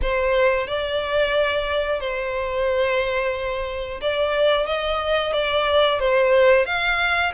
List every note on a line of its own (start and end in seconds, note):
0.02 0.67 C5
0.67 2.00 D5
2.00 4.00 C5
4.01 4.66 D5
4.66 5.32 D#5
5.32 5.99 D5
5.99 6.65 C5
6.65 7.32 F5